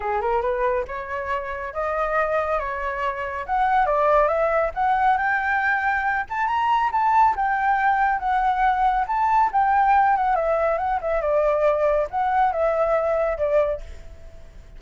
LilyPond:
\new Staff \with { instrumentName = "flute" } { \time 4/4 \tempo 4 = 139 gis'8 ais'8 b'4 cis''2 | dis''2 cis''2 | fis''4 d''4 e''4 fis''4 | g''2~ g''8 a''8 ais''4 |
a''4 g''2 fis''4~ | fis''4 a''4 g''4. fis''8 | e''4 fis''8 e''8 d''2 | fis''4 e''2 d''4 | }